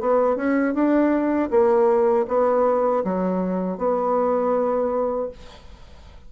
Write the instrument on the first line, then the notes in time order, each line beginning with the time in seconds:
bassoon
0.00 B3
0.36 C#4
0.74 D4
1.50 A#3
2.28 B3
3.04 F#3
3.78 B3